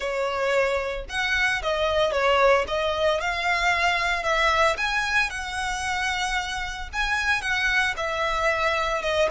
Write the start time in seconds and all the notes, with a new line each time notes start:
0.00 C#5
1.09 F#5
1.62 D#5
2.12 C#5
2.67 D#5
3.21 F5
4.23 E5
4.77 G#5
5.30 F#5
6.92 G#5
7.41 F#5
7.96 E5
9.01 D#5